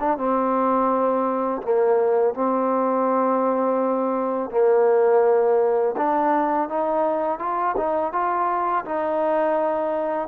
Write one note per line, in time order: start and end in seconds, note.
0.00 0.17 D4
0.17 1.62 C4
1.62 2.34 A#3
2.34 4.51 C4
4.51 5.95 A#3
5.97 6.69 D4
6.69 7.39 D#4
7.39 7.75 F4
7.77 8.13 D#4
8.13 8.85 F4
8.85 10.28 D#4